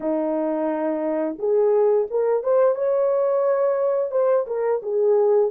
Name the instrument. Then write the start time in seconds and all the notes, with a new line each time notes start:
horn
0.00 D#4
1.38 G#4
2.10 A#4
2.43 C5
2.75 C#5
4.11 C5
4.46 A#4
4.82 G#4